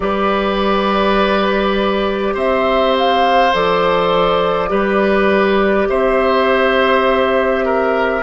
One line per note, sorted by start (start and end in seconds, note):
0.00 2.34 G3
0.00 3.52 G4
0.00 2.34 B4
0.00 2.34 D5
2.34 3.52 C4
2.34 4.69 C5
2.34 2.96 E5
2.96 3.54 F5
3.53 4.70 F3
3.53 4.68 A4
3.53 5.88 D5
4.68 5.88 G3
4.68 8.21 G4
4.68 5.87 B4
5.88 8.23 C4
5.88 7.65 C5
5.88 8.23 E5
7.65 8.23 A#4